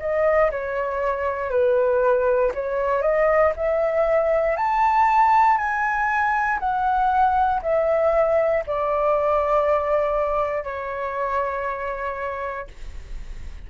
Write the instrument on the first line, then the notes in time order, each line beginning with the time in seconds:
flute
0.00 D#5
0.51 C#5
1.50 B4
2.55 C#5
3.02 D#5
3.56 E5
4.57 A5
5.57 G#5
6.60 F#5
7.62 E5
8.67 D5
10.64 C#5